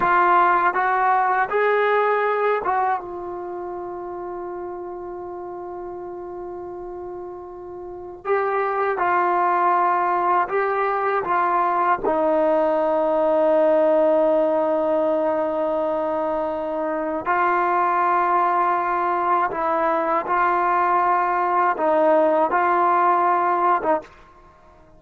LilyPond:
\new Staff \with { instrumentName = "trombone" } { \time 4/4 \tempo 4 = 80 f'4 fis'4 gis'4. fis'8 | f'1~ | f'2. g'4 | f'2 g'4 f'4 |
dis'1~ | dis'2. f'4~ | f'2 e'4 f'4~ | f'4 dis'4 f'4.~ f'16 dis'16 | }